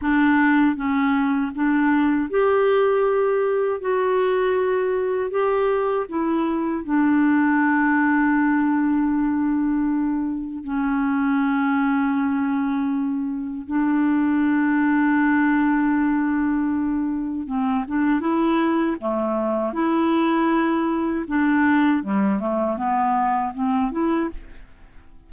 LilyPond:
\new Staff \with { instrumentName = "clarinet" } { \time 4/4 \tempo 4 = 79 d'4 cis'4 d'4 g'4~ | g'4 fis'2 g'4 | e'4 d'2.~ | d'2 cis'2~ |
cis'2 d'2~ | d'2. c'8 d'8 | e'4 a4 e'2 | d'4 g8 a8 b4 c'8 e'8 | }